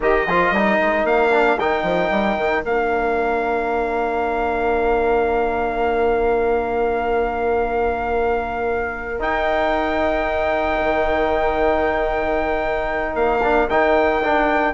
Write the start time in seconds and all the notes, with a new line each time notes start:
0.00 D#3 G4 A#4 D#5
0.27 F3 F4
0.51 G3 D#4
0.80 G#3
1.04 A#3 F5
1.32 D4
1.59 D#3 D#4 G5
1.82 F3
2.10 G3
2.37 D#3
2.64 A#3 D4 F5
9.19 D#4 G5
10.81 D#3
13.14 A#3 F5
13.42 D4
13.69 D#3 D#4 G5
14.23 D4